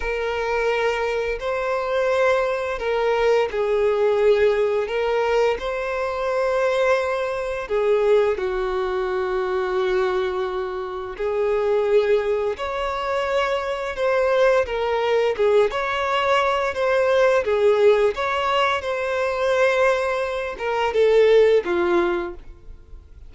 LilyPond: \new Staff \with { instrumentName = "violin" } { \time 4/4 \tempo 4 = 86 ais'2 c''2 | ais'4 gis'2 ais'4 | c''2. gis'4 | fis'1 |
gis'2 cis''2 | c''4 ais'4 gis'8 cis''4. | c''4 gis'4 cis''4 c''4~ | c''4. ais'8 a'4 f'4 | }